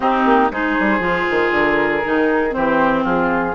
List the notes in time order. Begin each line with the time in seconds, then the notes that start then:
0.00 C4 D#4 G4
0.25 A#3
0.50 G#3 D#4 G#4 C5
0.79 G3
0.99 F3 F4
1.30 D#3
1.51 D3 A#4
2.04 D#3 D#4
2.50 E3 C4 G4 C5
3.03 F3 F4 G#4